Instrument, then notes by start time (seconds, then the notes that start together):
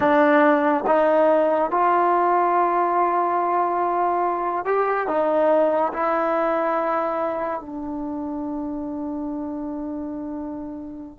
trombone
0.00 D4
0.86 D#4
1.70 F4
4.65 G4
5.07 D#4
5.93 E4
7.60 D4